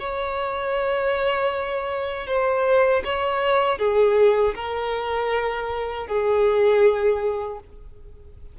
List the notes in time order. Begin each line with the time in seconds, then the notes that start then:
0.00 C#5
2.27 C5
3.05 C#5
3.79 G#4
4.56 A#4
6.08 G#4